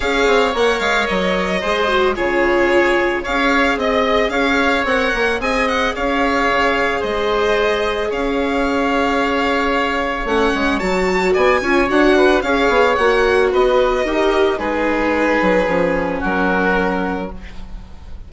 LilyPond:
<<
  \new Staff \with { instrumentName = "violin" } { \time 4/4 \tempo 4 = 111 f''4 fis''8 f''8 dis''2 | cis''2 f''4 dis''4 | f''4 fis''4 gis''8 fis''8 f''4~ | f''4 dis''2 f''4~ |
f''2. fis''4 | a''4 gis''4 fis''4 f''4 | fis''4 dis''2 b'4~ | b'2 ais'2 | }
  \new Staff \with { instrumentName = "oboe" } { \time 4/4 cis''2. c''4 | gis'2 cis''4 dis''4 | cis''2 dis''4 cis''4~ | cis''4 c''2 cis''4~ |
cis''1~ | cis''4 d''8 cis''4 b'8 cis''4~ | cis''4 b'4 ais'4 gis'4~ | gis'2 fis'2 | }
  \new Staff \with { instrumentName = "viola" } { \time 4/4 gis'4 ais'2 gis'8 fis'8 | f'2 gis'2~ | gis'4 ais'4 gis'2~ | gis'1~ |
gis'2. cis'4 | fis'4. f'8 fis'4 gis'4 | fis'2 g'4 dis'4~ | dis'4 cis'2. | }
  \new Staff \with { instrumentName = "bassoon" } { \time 4/4 cis'8 c'8 ais8 gis8 fis4 gis4 | cis2 cis'4 c'4 | cis'4 c'8 ais8 c'4 cis'4 | cis4 gis2 cis'4~ |
cis'2. a8 gis8 | fis4 b8 cis'8 d'4 cis'8 b8 | ais4 b4 dis'4 gis4~ | gis8 fis8 f4 fis2 | }
>>